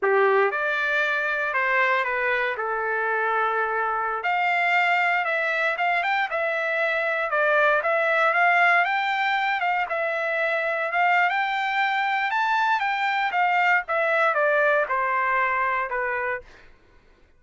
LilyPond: \new Staff \with { instrumentName = "trumpet" } { \time 4/4 \tempo 4 = 117 g'4 d''2 c''4 | b'4 a'2.~ | a'16 f''2 e''4 f''8 g''16~ | g''16 e''2 d''4 e''8.~ |
e''16 f''4 g''4. f''8 e''8.~ | e''4~ e''16 f''8. g''2 | a''4 g''4 f''4 e''4 | d''4 c''2 b'4 | }